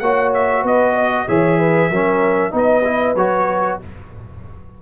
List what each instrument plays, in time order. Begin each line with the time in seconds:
0.00 tuba A#3, trombone F#4, horn C#5, trumpet F#5
0.34 trumpet E5
0.63 tuba B3, horn B4, trumpet D#5
0.95 horn D#5
1.27 tuba E3, trombone G#4, horn C#5, trumpet E5
1.59 horn B4
1.90 tuba F#3, trombone C#4, horn A#4
2.51 tuba B3, trombone D#4, horn B4
2.57 trumpet D#5
2.85 trombone E4
3.16 tuba F#3, trombone F#4, trumpet C#5